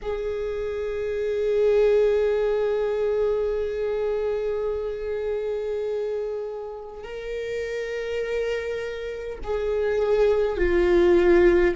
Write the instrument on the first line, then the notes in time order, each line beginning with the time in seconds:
viola
0.02 G#4
7.03 A#4
9.43 G#4
10.57 F4